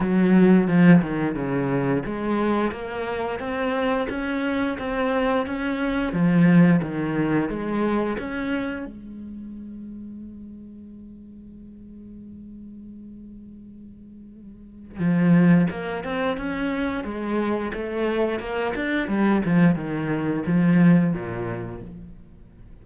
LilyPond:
\new Staff \with { instrumentName = "cello" } { \time 4/4 \tempo 4 = 88 fis4 f8 dis8 cis4 gis4 | ais4 c'4 cis'4 c'4 | cis'4 f4 dis4 gis4 | cis'4 gis2.~ |
gis1~ | gis2 f4 ais8 c'8 | cis'4 gis4 a4 ais8 d'8 | g8 f8 dis4 f4 ais,4 | }